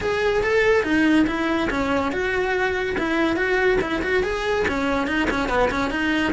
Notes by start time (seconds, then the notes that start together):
0.01 G#4
0.43 A4
0.83 D#4
1.27 E4
1.70 C#4
2.11 F#4
2.98 E4
3.36 F#4
3.81 E4
4.02 F#4
4.23 G#4
4.67 C#4
5.07 D#4
5.30 C#4
5.48 B3
5.71 C#4
5.90 D#4